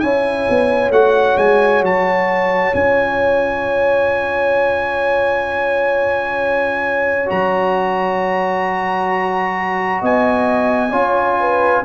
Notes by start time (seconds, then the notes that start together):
0.00 C#4 E4 C#5 G#5
0.50 B3
0.91 A3 F#4 F#5
1.37 G#3 G#5
1.82 F#3 A5
2.75 C#4 F4 G#5
7.26 F#3 F#4 A#5
10.01 B3 D#5 G#5
10.91 C#4 F4 C#5
11.40 B4